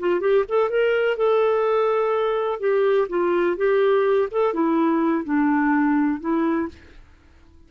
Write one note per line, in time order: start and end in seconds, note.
0.00 0.21 F4
0.21 0.45 G4
0.49 0.70 A4
0.70 1.17 A#4
1.17 2.60 A4
2.60 3.08 G4
3.09 3.57 F4
3.57 4.29 G4
4.32 4.54 A4
4.54 5.25 E4
5.25 6.21 D4
6.21 6.69 E4